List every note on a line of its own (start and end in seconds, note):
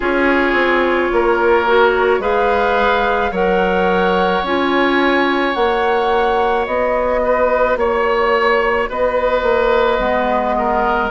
0.00 0.53 C#4
0.00 1.65 F4
0.00 1.11 G#4
0.00 2.22 C#5
0.53 1.08 C4
1.12 2.19 A#3
1.12 2.21 A#4
1.66 2.20 F#4
2.19 3.30 G#3
2.19 3.31 G#4
2.19 3.31 B4
2.19 3.33 F5
3.31 4.42 F#3
3.31 4.43 A#4
3.31 7.20 C#5
3.31 4.45 F#5
4.43 5.54 C#4
4.43 5.54 F4
4.43 5.54 G#5
5.54 6.66 A#3
5.54 9.97 F#4
5.54 6.65 F#5
6.66 7.76 B3
6.66 7.77 D#5
7.23 7.78 B4
7.76 8.87 A#3
7.76 8.89 C#5
8.89 9.42 B3
8.89 10.56 B4
8.89 11.11 D#5
9.42 9.98 A#3
9.97 11.10 G#3
9.97 11.08 B3
10.58 11.11 A#4